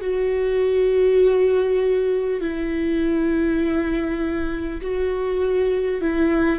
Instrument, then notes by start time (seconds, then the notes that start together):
viola
0.00 F#4
2.40 E4
4.81 F#4
6.01 E4